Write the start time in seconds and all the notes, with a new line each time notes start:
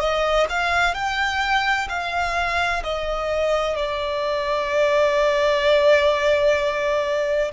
0.00 D#5
0.50 F5
0.95 G5
1.90 F5
2.84 D#5
3.77 D5